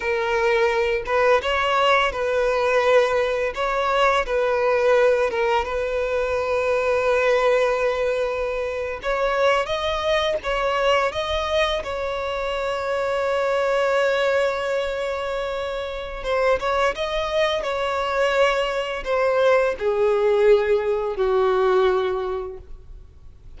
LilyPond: \new Staff \with { instrumentName = "violin" } { \time 4/4 \tempo 4 = 85 ais'4. b'8 cis''4 b'4~ | b'4 cis''4 b'4. ais'8 | b'1~ | b'8. cis''4 dis''4 cis''4 dis''16~ |
dis''8. cis''2.~ cis''16~ | cis''2. c''8 cis''8 | dis''4 cis''2 c''4 | gis'2 fis'2 | }